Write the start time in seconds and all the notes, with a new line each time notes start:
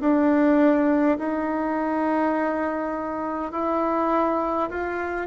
0.00 D4
1.18 D#4
3.52 E4
4.70 F4